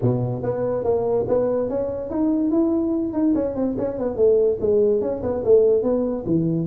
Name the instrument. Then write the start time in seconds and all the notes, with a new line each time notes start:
tuba
0.01 B2
0.42 B3
0.84 A#3
1.27 B3
1.69 C#4
2.10 D#4
2.50 E4
3.13 D#4
3.34 C#4
3.55 C4
3.78 C#4
3.98 B3
4.16 A3
4.60 G#3
5.01 C#4
5.22 B3
5.44 A3
5.82 B3
6.25 E3